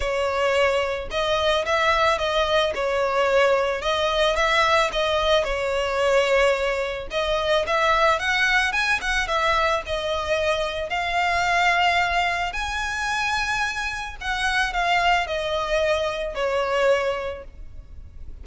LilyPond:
\new Staff \with { instrumentName = "violin" } { \time 4/4 \tempo 4 = 110 cis''2 dis''4 e''4 | dis''4 cis''2 dis''4 | e''4 dis''4 cis''2~ | cis''4 dis''4 e''4 fis''4 |
gis''8 fis''8 e''4 dis''2 | f''2. gis''4~ | gis''2 fis''4 f''4 | dis''2 cis''2 | }